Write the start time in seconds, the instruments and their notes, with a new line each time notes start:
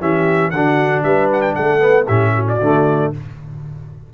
0.00 tuba E3, trombone C#4, horn G4, trumpet E5
0.50 tuba D3, trombone D4, horn F#4, trumpet F#5
1.03 tuba G3, horn B4, trumpet E5
1.32 trumpet F#5
1.41 trumpet G5
1.55 tuba A3, horn A4, trumpet F#5
1.79 trombone B3
2.05 tuba A2, trombone C#4, horn G4, trumpet E5
2.34 horn F#4
2.48 trumpet D5
2.61 tuba D3, trombone A3